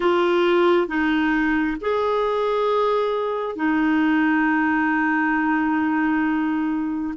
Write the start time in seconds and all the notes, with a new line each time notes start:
0.00 F4
0.87 D#4
1.80 G#4
3.55 D#4